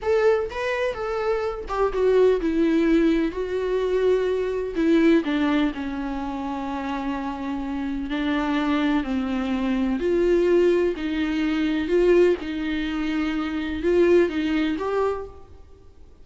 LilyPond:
\new Staff \with { instrumentName = "viola" } { \time 4/4 \tempo 4 = 126 a'4 b'4 a'4. g'8 | fis'4 e'2 fis'4~ | fis'2 e'4 d'4 | cis'1~ |
cis'4 d'2 c'4~ | c'4 f'2 dis'4~ | dis'4 f'4 dis'2~ | dis'4 f'4 dis'4 g'4 | }